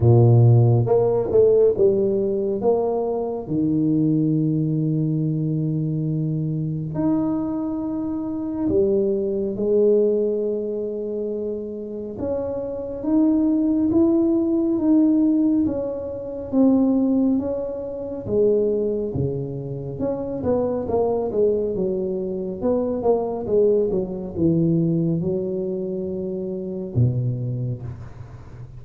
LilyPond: \new Staff \with { instrumentName = "tuba" } { \time 4/4 \tempo 4 = 69 ais,4 ais8 a8 g4 ais4 | dis1 | dis'2 g4 gis4~ | gis2 cis'4 dis'4 |
e'4 dis'4 cis'4 c'4 | cis'4 gis4 cis4 cis'8 b8 | ais8 gis8 fis4 b8 ais8 gis8 fis8 | e4 fis2 b,4 | }